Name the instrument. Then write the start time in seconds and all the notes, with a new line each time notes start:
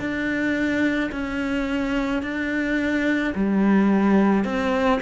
cello
0.00 D4
1.12 C#4
2.23 D4
3.35 G3
4.45 C4